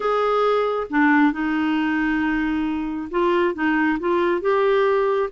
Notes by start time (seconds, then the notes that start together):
0.00 G#4
0.89 D4
1.32 D#4
3.11 F4
3.54 D#4
3.99 F4
4.41 G4